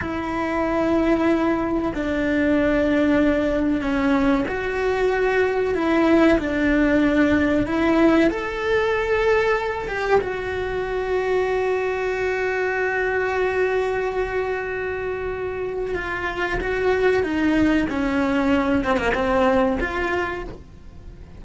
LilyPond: \new Staff \with { instrumentName = "cello" } { \time 4/4 \tempo 4 = 94 e'2. d'4~ | d'2 cis'4 fis'4~ | fis'4 e'4 d'2 | e'4 a'2~ a'8 g'8 |
fis'1~ | fis'1~ | fis'4 f'4 fis'4 dis'4 | cis'4. c'16 ais16 c'4 f'4 | }